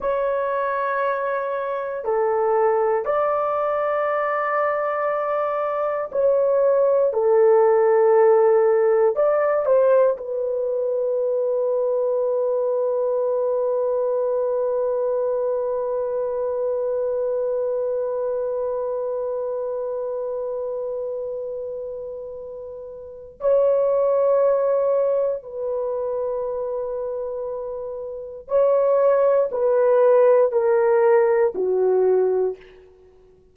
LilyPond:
\new Staff \with { instrumentName = "horn" } { \time 4/4 \tempo 4 = 59 cis''2 a'4 d''4~ | d''2 cis''4 a'4~ | a'4 d''8 c''8 b'2~ | b'1~ |
b'1~ | b'2. cis''4~ | cis''4 b'2. | cis''4 b'4 ais'4 fis'4 | }